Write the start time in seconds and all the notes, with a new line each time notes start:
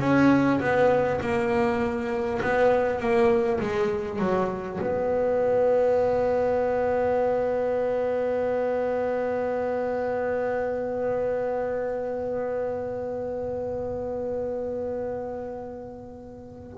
0.00 C#4
0.61 B3
1.21 A#3
2.42 B3
2.99 A#3
3.60 G#3
4.19 F#3
4.81 B3